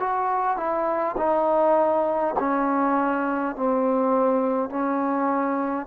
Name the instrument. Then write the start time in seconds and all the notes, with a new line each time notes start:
trombone
0.00 F#4
0.57 E4
1.18 D#4
2.39 C#4
3.56 C4
4.70 C#4